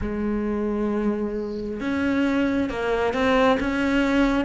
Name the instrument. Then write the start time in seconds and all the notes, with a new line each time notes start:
cello
0.01 G#3
1.80 C#4
2.69 A#3
3.13 C4
3.60 C#4